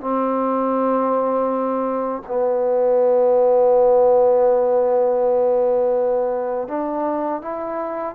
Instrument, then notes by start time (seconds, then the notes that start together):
trombone
0.00 C4
2.27 B3
6.68 D4
7.41 E4